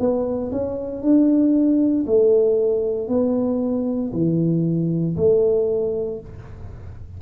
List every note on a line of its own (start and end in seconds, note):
0.00 0.52 B3
0.52 1.03 C#4
1.03 2.06 D4
2.07 3.09 A3
3.09 4.12 B3
4.13 5.17 E3
5.17 6.20 A3